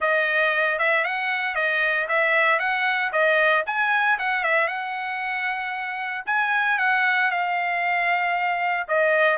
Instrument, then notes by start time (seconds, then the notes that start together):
trumpet
0.00 D#5
0.78 E5
1.04 F#5
1.55 D#5
2.08 E5
2.59 F#5
3.12 D#5
3.66 G#5
4.18 F#5
4.43 E5
4.67 F#5
6.26 G#5
6.78 F#5
7.30 F5
8.88 D#5